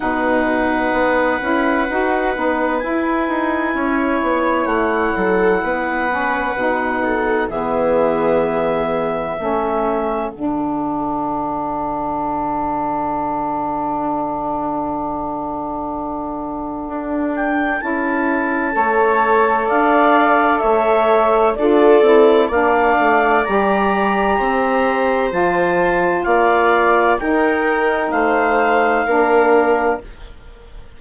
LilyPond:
<<
  \new Staff \with { instrumentName = "clarinet" } { \time 4/4 \tempo 4 = 64 fis''2. gis''4~ | gis''4 fis''2. | e''2. fis''4~ | fis''1~ |
fis''2~ fis''8 g''8 a''4~ | a''4 f''4 e''4 d''4 | f''4 ais''2 a''4 | f''4 g''4 f''2 | }
  \new Staff \with { instrumentName = "viola" } { \time 4/4 b'1 | cis''4. a'8 b'4. a'8 | gis'2 a'2~ | a'1~ |
a'1 | cis''4 d''4 cis''4 a'4 | d''2 c''2 | d''4 ais'4 c''4 ais'4 | }
  \new Staff \with { instrumentName = "saxophone" } { \time 4/4 dis'4. e'8 fis'8 dis'8 e'4~ | e'2~ e'8 cis'8 dis'4 | b2 cis'4 d'4~ | d'1~ |
d'2. e'4 | a'2. f'8 e'8 | d'4 g'2 f'4~ | f'4 dis'2 d'4 | }
  \new Staff \with { instrumentName = "bassoon" } { \time 4/4 b,4 b8 cis'8 dis'8 b8 e'8 dis'8 | cis'8 b8 a8 fis8 b4 b,4 | e2 a4 d4~ | d1~ |
d2 d'4 cis'4 | a4 d'4 a4 d'8 c'8 | ais8 a8 g4 c'4 f4 | ais4 dis'4 a4 ais4 | }
>>